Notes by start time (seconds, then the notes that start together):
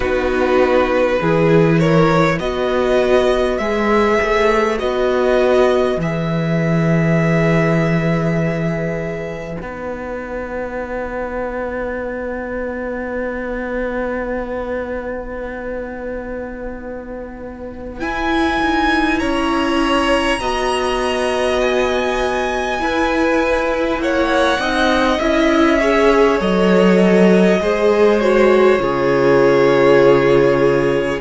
0.00 B3 D#4 F#4 B4
1.21 E3 E4 G#4
1.79 A#4 C#5
2.39 B3 F#4 B4 D#5
3.58 G#3 G#4 E5
4.21 A3
4.78 B3 F#4 D#5
5.96 E3 G#4 E5
9.59 B3 D#4 F#5
17.99 E4 G#5
18.61 D#4
19.19 C#4 C#5 A#5
20.40 B3 F#4 D#5
21.61 G#5
22.78 E4 B4
23.98 A#3 C#5 F#5
24.58 C4 D#4 D#5
25.19 C#4 E4 E5
25.80 G#4 C#5
26.39 F#3 A4 D#5
27.59 G#3 G#4 C5
28.20 F#4 C#5
28.78 C#3 F4 G#4